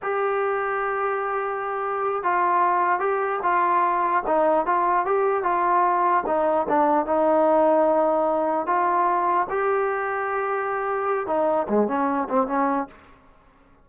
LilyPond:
\new Staff \with { instrumentName = "trombone" } { \time 4/4 \tempo 4 = 149 g'1~ | g'4. f'2 g'8~ | g'8 f'2 dis'4 f'8~ | f'8 g'4 f'2 dis'8~ |
dis'8 d'4 dis'2~ dis'8~ | dis'4. f'2 g'8~ | g'1 | dis'4 gis8 cis'4 c'8 cis'4 | }